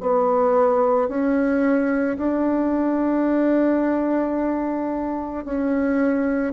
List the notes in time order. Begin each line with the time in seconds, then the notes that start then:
0.00 B3
1.08 C#4
2.17 D4
5.44 C#4